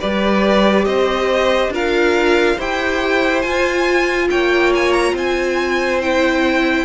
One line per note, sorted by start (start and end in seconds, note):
0.00 0.86 G3
0.00 1.73 G4
0.00 0.86 B4
0.00 0.85 D5
0.85 1.69 C4
0.85 1.73 C5
0.85 1.71 D#5
1.69 2.55 D4
1.69 2.58 F4
1.69 2.56 A#4
1.75 2.61 F5
2.56 3.45 E4
2.56 3.45 G4
2.56 4.28 C5
2.56 3.42 G5
3.42 4.30 F4
3.42 6.02 F4
3.42 4.28 G#5
4.31 5.13 A#3
4.31 5.15 C#5
4.31 4.73 G5
4.75 4.93 G#5
4.93 5.15 A#5
5.13 6.85 C4
5.13 6.85 C5
5.13 6.02 G#5
6.02 6.85 E4
6.02 6.85 G5